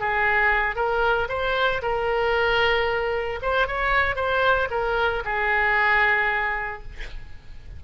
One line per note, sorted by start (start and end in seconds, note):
0.00 0.75 G#4
0.75 1.28 A#4
1.29 1.82 C5
1.82 3.40 A#4
3.42 3.67 C5
3.67 4.16 C#5
4.16 4.68 C5
4.70 5.23 A#4
5.25 6.83 G#4